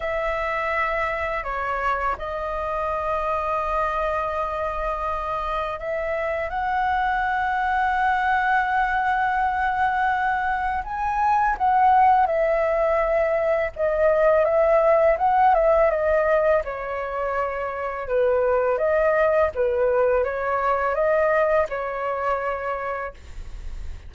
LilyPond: \new Staff \with { instrumentName = "flute" } { \time 4/4 \tempo 4 = 83 e''2 cis''4 dis''4~ | dis''1 | e''4 fis''2.~ | fis''2. gis''4 |
fis''4 e''2 dis''4 | e''4 fis''8 e''8 dis''4 cis''4~ | cis''4 b'4 dis''4 b'4 | cis''4 dis''4 cis''2 | }